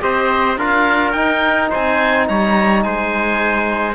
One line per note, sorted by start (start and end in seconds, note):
0.00 0.57 C4
0.00 0.57 G4
0.00 0.59 C5
0.00 0.59 D#5
0.57 1.14 D4
0.57 1.15 F4
0.57 1.70 A#4
0.57 1.12 F5
1.12 1.70 D#4
1.12 3.95 D#4
1.12 1.69 G5
1.70 2.29 C4
1.70 2.27 C5
1.70 2.28 G#5
2.28 2.85 G3
2.28 2.85 C#5
2.28 2.83 A#5
2.83 3.95 G#3
2.83 3.95 C5
2.83 3.95 G#5